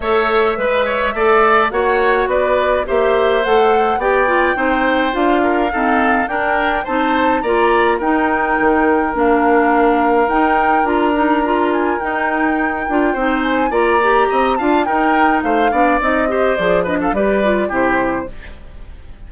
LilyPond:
<<
  \new Staff \with { instrumentName = "flute" } { \time 4/4 \tempo 4 = 105 e''2. fis''4 | d''4 e''4 fis''4 g''4~ | g''4 f''2 g''4 | a''4 ais''4 g''2 |
f''2 g''4 ais''4~ | ais''8 gis''8 g''2~ g''8 gis''8 | ais''4. a''8 g''4 f''4 | dis''4 d''8 dis''16 f''16 d''4 c''4 | }
  \new Staff \with { instrumentName = "oboe" } { \time 4/4 cis''4 b'8 cis''8 d''4 cis''4 | b'4 c''2 d''4 | c''4. ais'8 a'4 ais'4 | c''4 d''4 ais'2~ |
ais'1~ | ais'2. c''4 | d''4 dis''8 f''8 ais'4 c''8 d''8~ | d''8 c''4 b'16 a'16 b'4 g'4 | }
  \new Staff \with { instrumentName = "clarinet" } { \time 4/4 a'4 b'4 a'4 fis'4~ | fis'4 g'4 a'4 g'8 f'8 | dis'4 f'4 c'4 d'4 | dis'4 f'4 dis'2 |
d'2 dis'4 f'8 dis'8 | f'4 dis'4. f'8 dis'4 | f'8 g'4 f'8 dis'4. d'8 | dis'8 g'8 gis'8 d'8 g'8 f'8 e'4 | }
  \new Staff \with { instrumentName = "bassoon" } { \time 4/4 a4 gis4 a4 ais4 | b4 ais4 a4 b4 | c'4 d'4 dis'4 d'4 | c'4 ais4 dis'4 dis4 |
ais2 dis'4 d'4~ | d'4 dis'4. d'8 c'4 | ais4 c'8 d'8 dis'4 a8 b8 | c'4 f4 g4 c4 | }
>>